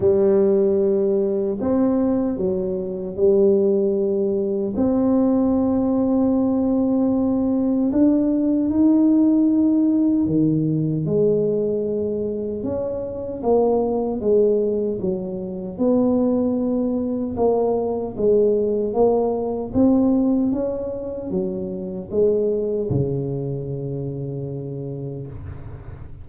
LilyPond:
\new Staff \with { instrumentName = "tuba" } { \time 4/4 \tempo 4 = 76 g2 c'4 fis4 | g2 c'2~ | c'2 d'4 dis'4~ | dis'4 dis4 gis2 |
cis'4 ais4 gis4 fis4 | b2 ais4 gis4 | ais4 c'4 cis'4 fis4 | gis4 cis2. | }